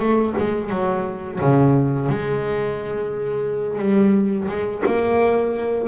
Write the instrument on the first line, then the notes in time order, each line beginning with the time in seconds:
double bass
0.00 A3
0.39 G#3
0.71 F#3
1.41 C#3
2.09 G#3
3.79 G3
4.49 G#3
4.86 A#3